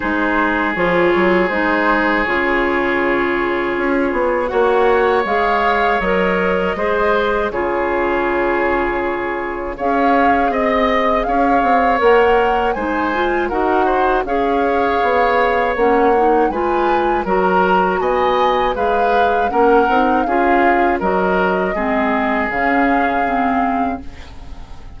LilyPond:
<<
  \new Staff \with { instrumentName = "flute" } { \time 4/4 \tempo 4 = 80 c''4 cis''4 c''4 cis''4~ | cis''2 fis''4 f''4 | dis''2 cis''2~ | cis''4 f''4 dis''4 f''4 |
fis''4 gis''4 fis''4 f''4~ | f''4 fis''4 gis''4 ais''4 | gis''4 f''4 fis''4 f''4 | dis''2 f''2 | }
  \new Staff \with { instrumentName = "oboe" } { \time 4/4 gis'1~ | gis'2 cis''2~ | cis''4 c''4 gis'2~ | gis'4 cis''4 dis''4 cis''4~ |
cis''4 c''4 ais'8 c''8 cis''4~ | cis''2 b'4 ais'4 | dis''4 b'4 ais'4 gis'4 | ais'4 gis'2. | }
  \new Staff \with { instrumentName = "clarinet" } { \time 4/4 dis'4 f'4 dis'4 f'4~ | f'2 fis'4 gis'4 | ais'4 gis'4 f'2~ | f'4 gis'2. |
ais'4 dis'8 f'8 fis'4 gis'4~ | gis'4 cis'8 dis'8 f'4 fis'4~ | fis'4 gis'4 cis'8 dis'8 f'4 | fis'4 c'4 cis'4 c'4 | }
  \new Staff \with { instrumentName = "bassoon" } { \time 4/4 gis4 f8 fis8 gis4 cis4~ | cis4 cis'8 b8 ais4 gis4 | fis4 gis4 cis2~ | cis4 cis'4 c'4 cis'8 c'8 |
ais4 gis4 dis'4 cis'4 | b4 ais4 gis4 fis4 | b4 gis4 ais8 c'8 cis'4 | fis4 gis4 cis2 | }
>>